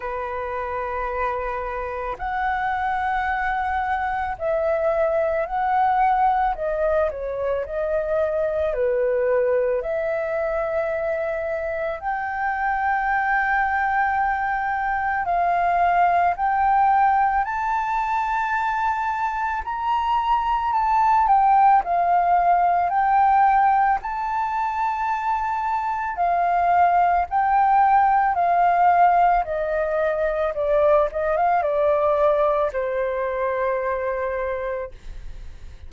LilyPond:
\new Staff \with { instrumentName = "flute" } { \time 4/4 \tempo 4 = 55 b'2 fis''2 | e''4 fis''4 dis''8 cis''8 dis''4 | b'4 e''2 g''4~ | g''2 f''4 g''4 |
a''2 ais''4 a''8 g''8 | f''4 g''4 a''2 | f''4 g''4 f''4 dis''4 | d''8 dis''16 f''16 d''4 c''2 | }